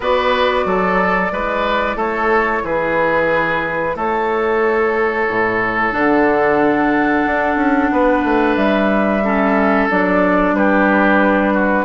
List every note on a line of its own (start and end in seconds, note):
0.00 0.65 B3
0.00 1.31 F#4
0.00 0.65 B4
0.00 1.99 D5
0.65 1.31 F#3
0.65 1.32 A4
1.31 1.95 G#3
1.31 5.91 E4
1.31 1.96 B4
1.95 2.61 A3
1.95 2.62 A4
1.95 2.65 C#5
2.63 3.95 E3
2.63 3.95 G#4
2.63 3.97 B4
3.95 5.27 A3
3.95 7.91 A4
3.95 5.93 C#5
5.28 5.93 A2
5.91 7.25 D3
5.91 9.21 D4
5.91 8.56 F#5
7.26 7.55 D4
7.55 7.88 C#4
7.91 8.24 B3
7.91 9.23 B4
8.24 8.56 A3
8.56 9.88 G3
8.56 9.88 E5
9.23 9.90 C#4
9.23 10.55 A4
9.90 10.52 F#3
9.90 11.85 D4
9.90 10.55 D5
10.52 11.84 G3
10.52 11.53 G4
10.52 11.85 B4
11.53 11.85 F#4